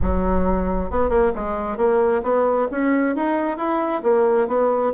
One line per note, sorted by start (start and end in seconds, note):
0.01 0.90 F#3
0.90 1.09 B3
1.09 1.31 A#3
1.35 1.77 G#3
1.77 2.22 A#3
2.22 2.67 B3
2.71 3.15 C#4
3.15 3.57 D#4
3.57 4.02 E4
4.02 4.47 A#3
4.47 4.92 B3